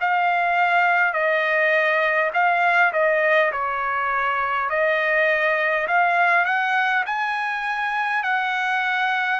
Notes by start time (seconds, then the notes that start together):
0.00 F5
1.13 D#5
2.33 F5
2.93 D#5
3.52 C#5
4.69 D#5
5.87 F5
6.45 F#5
7.05 G#5
8.22 F#5